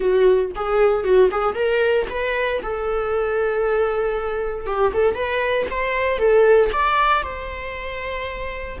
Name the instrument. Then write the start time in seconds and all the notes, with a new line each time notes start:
viola
0.00 F#4
0.55 G#4
1.03 F#4
1.31 G#4
1.54 A#4
2.09 B4
2.62 A4
4.66 G4
4.93 A4
5.14 B4
5.70 C5
6.18 A4
6.72 D5
7.23 C5